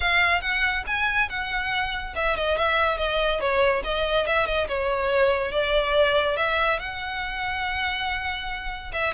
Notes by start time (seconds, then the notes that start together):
0.00 F5
0.41 F#5
0.86 G#5
1.29 F#5
2.15 E5
2.36 D#5
2.57 E5
2.97 D#5
3.40 C#5
3.84 D#5
4.26 E5
4.46 D#5
4.68 C#5
5.51 D5
6.36 E5
6.79 F#5
8.92 E5